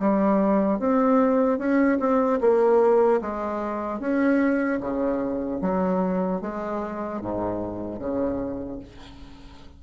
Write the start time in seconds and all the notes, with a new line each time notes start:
0.00 G3
0.80 C4
1.59 C#4
2.00 C4
2.41 A#3
3.22 G#3
4.00 C#4
4.81 C#3
5.61 F#3
6.42 G#3
7.22 G#2
8.00 C#3